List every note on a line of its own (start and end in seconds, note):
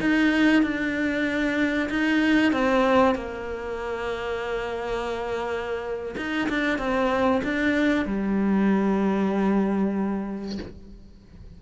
0.00 0.62 D#4
0.62 1.89 D4
1.89 2.52 D#4
2.52 3.15 C4
3.15 6.15 A#3
6.16 6.48 D#4
6.49 6.78 D4
6.78 7.41 C4
7.44 8.05 D4
8.05 10.58 G3